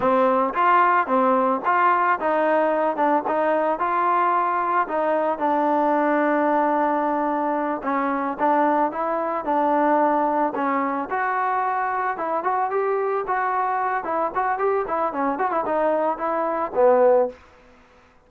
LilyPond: \new Staff \with { instrumentName = "trombone" } { \time 4/4 \tempo 4 = 111 c'4 f'4 c'4 f'4 | dis'4. d'8 dis'4 f'4~ | f'4 dis'4 d'2~ | d'2~ d'8 cis'4 d'8~ |
d'8 e'4 d'2 cis'8~ | cis'8 fis'2 e'8 fis'8 g'8~ | g'8 fis'4. e'8 fis'8 g'8 e'8 | cis'8 fis'16 e'16 dis'4 e'4 b4 | }